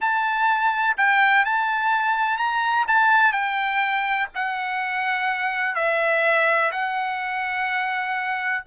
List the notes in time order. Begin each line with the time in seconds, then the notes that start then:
0.00 A5
0.97 G5
1.45 A5
2.37 A#5
2.87 A5
3.32 G5
4.34 F#5
5.75 E5
6.71 F#5